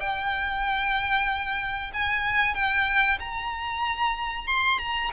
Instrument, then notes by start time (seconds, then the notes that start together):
violin
0.00 G5
1.94 G#5
2.54 G5
3.20 A#5
4.47 C6
4.78 A#5